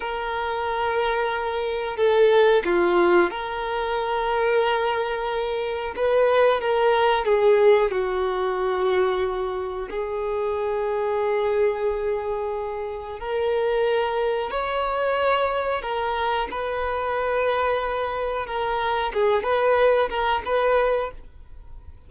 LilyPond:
\new Staff \with { instrumentName = "violin" } { \time 4/4 \tempo 4 = 91 ais'2. a'4 | f'4 ais'2.~ | ais'4 b'4 ais'4 gis'4 | fis'2. gis'4~ |
gis'1 | ais'2 cis''2 | ais'4 b'2. | ais'4 gis'8 b'4 ais'8 b'4 | }